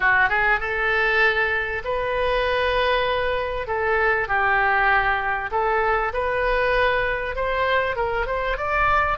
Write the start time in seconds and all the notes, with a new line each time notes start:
0.00 F#4
0.29 G#4
0.60 A4
1.84 B4
3.67 A4
4.27 G4
5.51 A4
6.13 B4
7.35 C5
7.96 A#4
8.26 C5
8.57 D5